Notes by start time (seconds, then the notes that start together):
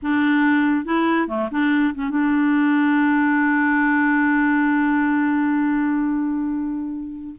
0.02 D4
0.85 E4
1.28 A3
1.51 D4
1.94 C#4
2.10 D4